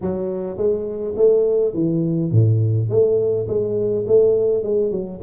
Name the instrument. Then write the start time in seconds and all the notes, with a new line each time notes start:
tuba
0.01 F#3
0.57 G#3
1.16 A3
1.74 E3
2.31 A2
2.89 A3
3.48 G#3
4.07 A3
4.63 G#3
4.91 F#3